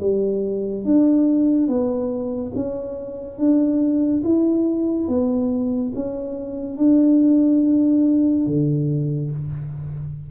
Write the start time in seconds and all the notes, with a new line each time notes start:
0.00 G3
0.84 D4
1.67 B3
2.55 C#4
3.38 D4
4.23 E4
5.08 B3
5.95 C#4
6.77 D4
8.46 D3